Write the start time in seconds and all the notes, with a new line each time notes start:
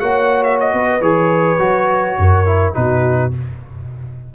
0.00 A#3 F#4 C#5 F#5
0.44 E5
0.60 D#5
0.73 B3 B4
1.01 E3 G#4 C#5
1.59 F#3 F#4
2.18 F#2 A#4
2.45 E4
2.73 B2 D#4 F#4 B4